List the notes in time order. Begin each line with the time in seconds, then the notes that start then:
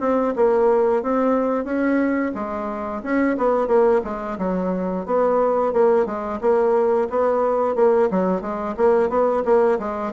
0.00 C4
0.36 A#3
1.02 C4
1.64 C#4
2.34 G#3
3.03 C#4
3.37 B3
3.67 A#3
4.04 G#3
4.38 F#3
5.06 B3
5.73 A#3
6.06 G#3
6.41 A#3
7.10 B3
7.75 A#3
8.11 F#3
8.41 G#3
8.77 A#3
9.09 B3
9.45 A#3
9.79 G#3